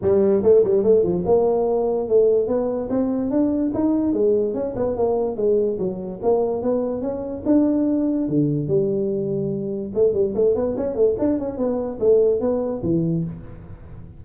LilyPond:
\new Staff \with { instrumentName = "tuba" } { \time 4/4 \tempo 4 = 145 g4 a8 g8 a8 f8 ais4~ | ais4 a4 b4 c'4 | d'4 dis'4 gis4 cis'8 b8 | ais4 gis4 fis4 ais4 |
b4 cis'4 d'2 | d4 g2. | a8 g8 a8 b8 cis'8 a8 d'8 cis'8 | b4 a4 b4 e4 | }